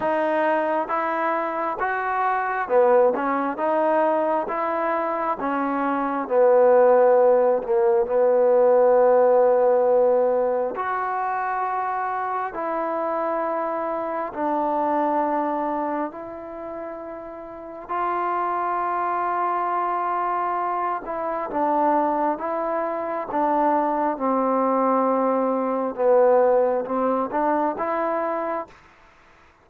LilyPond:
\new Staff \with { instrumentName = "trombone" } { \time 4/4 \tempo 4 = 67 dis'4 e'4 fis'4 b8 cis'8 | dis'4 e'4 cis'4 b4~ | b8 ais8 b2. | fis'2 e'2 |
d'2 e'2 | f'2.~ f'8 e'8 | d'4 e'4 d'4 c'4~ | c'4 b4 c'8 d'8 e'4 | }